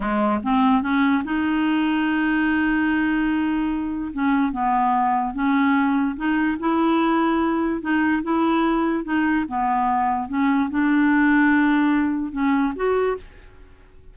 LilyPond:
\new Staff \with { instrumentName = "clarinet" } { \time 4/4 \tempo 4 = 146 gis4 c'4 cis'4 dis'4~ | dis'1~ | dis'2 cis'4 b4~ | b4 cis'2 dis'4 |
e'2. dis'4 | e'2 dis'4 b4~ | b4 cis'4 d'2~ | d'2 cis'4 fis'4 | }